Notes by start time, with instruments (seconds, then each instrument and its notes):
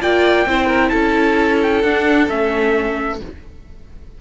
0.00 cello A#3, viola F4, violin D5, trumpet G5
0.45 cello C4, viola E4, violin C5
0.66 violin A#4
0.89 cello C#4, violin A4, trumpet A5
1.62 trumpet G5
1.82 cello D4, viola D4, trumpet F#5
2.29 cello A3, viola C#4, trumpet E5